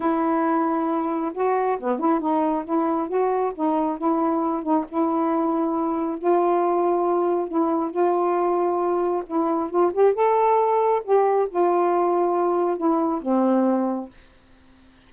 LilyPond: \new Staff \with { instrumentName = "saxophone" } { \time 4/4 \tempo 4 = 136 e'2. fis'4 | b8 e'8 dis'4 e'4 fis'4 | dis'4 e'4. dis'8 e'4~ | e'2 f'2~ |
f'4 e'4 f'2~ | f'4 e'4 f'8 g'8 a'4~ | a'4 g'4 f'2~ | f'4 e'4 c'2 | }